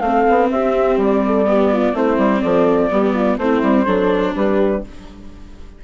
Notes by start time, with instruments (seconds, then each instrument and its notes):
0.00 bassoon A3, viola C4, horn A4, flute F5
0.29 bassoon B3
0.51 bassoon C4, horn G4, flute E5
0.97 bassoon G3, flute D5
1.25 horn A4
1.46 viola B3, horn G4
1.72 horn F4
1.93 bassoon A3, viola C4, horn E4, flute C5
2.18 bassoon G3
2.41 bassoon F3, horn A4, flute D5
2.90 bassoon G3, viola B3, horn G4
3.14 horn F4
3.37 bassoon A3, viola C4, horn E4, flute C5
3.62 bassoon G3
3.85 bassoon F#3, viola D4, horn A4
4.35 bassoon G3, horn G4, flute B4